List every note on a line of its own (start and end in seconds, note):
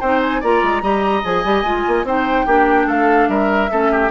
0.00 0.42 C4
0.00 0.43 D#4
0.00 0.40 C5
0.00 0.21 G5
0.22 0.42 G#5
0.40 0.62 A#3
0.40 0.82 F4
0.40 0.82 D5
0.40 1.24 A#5
0.62 0.82 G#3
0.82 1.23 G3
0.82 1.23 G4
0.82 2.06 D#5
1.24 1.44 F3
1.24 1.44 G#4
1.24 2.06 G#5
1.44 1.63 G3
1.44 1.65 G4
1.63 1.84 G#3
1.63 2.06 F4
1.87 2.04 A#3
2.04 2.45 C4
2.04 2.46 D#4
2.04 2.46 C5
2.04 2.89 G5
2.46 2.87 A#3
2.46 3.70 D4
2.46 2.86 G4
2.86 3.28 A3
2.86 3.28 A4
2.86 3.29 F5
3.28 3.69 G3
3.28 3.71 A#4
3.28 4.11 E5
3.70 4.11 A3
3.70 4.11 C#4
3.70 3.91 A4
3.91 4.11 G4